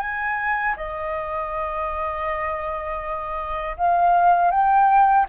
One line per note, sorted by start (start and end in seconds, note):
0.00 0.75 G#5
0.77 3.77 D#5
3.77 4.51 F5
4.51 5.26 G5